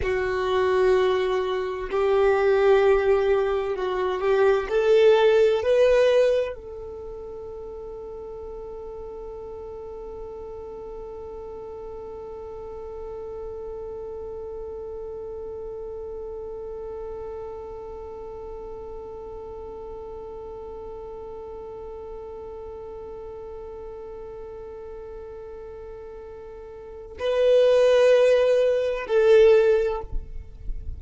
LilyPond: \new Staff \with { instrumentName = "violin" } { \time 4/4 \tempo 4 = 64 fis'2 g'2 | fis'8 g'8 a'4 b'4 a'4~ | a'1~ | a'1~ |
a'1~ | a'1~ | a'1~ | a'4 b'2 a'4 | }